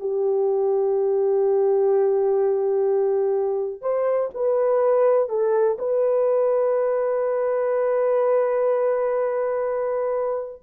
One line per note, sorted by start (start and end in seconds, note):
0.00 3.82 G4
3.82 4.30 C5
4.34 5.29 B4
5.29 5.78 A4
5.79 10.63 B4